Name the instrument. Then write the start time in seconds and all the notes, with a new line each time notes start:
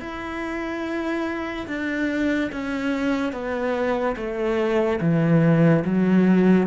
cello
0.00 E4
1.67 D4
2.52 C#4
3.32 B3
4.16 A3
5.01 E3
5.85 F#3